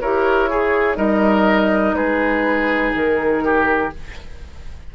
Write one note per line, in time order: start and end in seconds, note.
0.00 0.96 E4
0.00 0.50 G4
0.00 0.50 A#4
0.00 0.97 C#5
0.50 0.95 G#4
0.50 0.97 G#4
0.95 1.93 G3
0.95 3.90 D#4
0.95 1.95 A#4
0.95 1.95 D#5
1.93 2.92 G#3
1.93 3.44 G#4
1.93 2.93 B4
2.94 3.93 D#3
2.94 3.95 A#4
3.44 3.93 G4